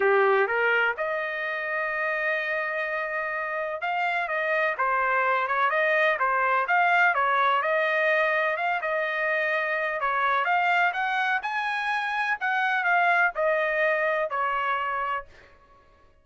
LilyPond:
\new Staff \with { instrumentName = "trumpet" } { \time 4/4 \tempo 4 = 126 g'4 ais'4 dis''2~ | dis''1 | f''4 dis''4 c''4. cis''8 | dis''4 c''4 f''4 cis''4 |
dis''2 f''8 dis''4.~ | dis''4 cis''4 f''4 fis''4 | gis''2 fis''4 f''4 | dis''2 cis''2 | }